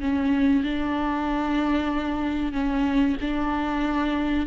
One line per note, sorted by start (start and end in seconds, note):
0.00 0.63 C#4
0.63 2.52 D4
2.52 3.16 C#4
3.21 4.46 D4